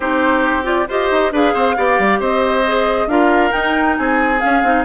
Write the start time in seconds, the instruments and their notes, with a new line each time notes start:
0.00 bassoon C4, clarinet D#4, oboe G4, flute C5
0.63 clarinet F4, flute D5
0.88 bassoon F4, clarinet G4, oboe C5, flute D#5
1.10 bassoon D#4
1.31 bassoon D4, clarinet G#4, oboe B4, flute F5
1.53 bassoon C4, oboe C5
1.76 bassoon B3, clarinet G4, oboe D5
1.98 bassoon G3
2.19 bassoon C4, oboe C5, flute D#5
2.66 clarinet G#4
3.06 bassoon D4, clarinet F4, oboe A#4, flute F5
3.51 clarinet D#4, bassoon D#4, flute G5
3.96 bassoon C4, oboe G#4, flute G#5
4.40 clarinet C#4, bassoon C#4, flute F5
4.62 bassoon C4, clarinet D#4